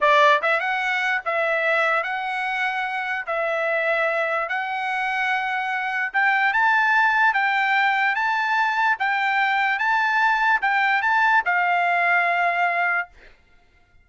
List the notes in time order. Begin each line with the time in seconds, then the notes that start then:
0.01 D5
0.42 E5
0.60 F#5
1.25 E5
2.03 F#5
3.26 E5
4.49 F#5
6.13 G5
6.53 A5
7.33 G5
8.15 A5
8.99 G5
9.78 A5
10.61 G5
11.02 A5
11.45 F5